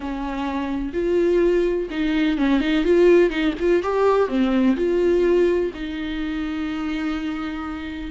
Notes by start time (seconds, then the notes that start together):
0.00 C#4
0.93 F4
1.90 D#4
2.37 C#4
2.60 D#4
2.84 F4
3.30 D#4
3.59 F4
3.82 G4
4.28 C4
4.76 F4
5.74 D#4